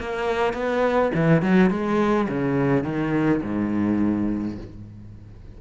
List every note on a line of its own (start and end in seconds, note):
0.00 0.54 A#3
0.54 1.12 B3
1.15 1.42 E3
1.42 1.70 F#3
1.70 2.28 G#3
2.29 2.84 C#3
2.84 3.42 D#3
3.43 4.58 G#2